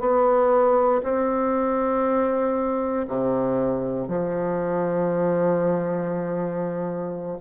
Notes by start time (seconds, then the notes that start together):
0.00 B3
1.03 C4
3.07 C3
4.08 F3